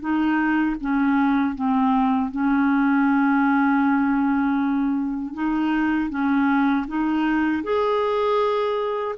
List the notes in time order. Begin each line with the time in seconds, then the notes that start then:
0.00 D#4
0.80 C#4
1.55 C4
2.31 C#4
5.34 D#4
6.10 C#4
6.87 D#4
7.63 G#4